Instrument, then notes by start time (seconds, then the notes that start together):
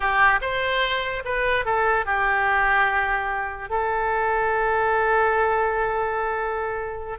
oboe
0.00 G4
0.41 C5
1.24 B4
1.65 A4
2.05 G4
3.69 A4